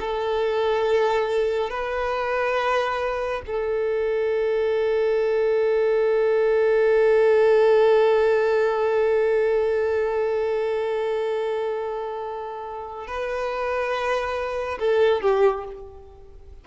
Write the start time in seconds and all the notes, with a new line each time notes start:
0.00 A4
1.70 B4
3.47 A4
13.07 B4
14.79 A4
15.22 G4